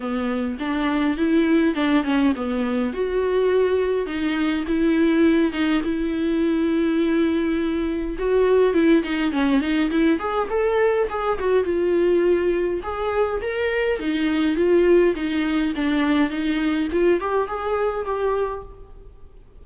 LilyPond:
\new Staff \with { instrumentName = "viola" } { \time 4/4 \tempo 4 = 103 b4 d'4 e'4 d'8 cis'8 | b4 fis'2 dis'4 | e'4. dis'8 e'2~ | e'2 fis'4 e'8 dis'8 |
cis'8 dis'8 e'8 gis'8 a'4 gis'8 fis'8 | f'2 gis'4 ais'4 | dis'4 f'4 dis'4 d'4 | dis'4 f'8 g'8 gis'4 g'4 | }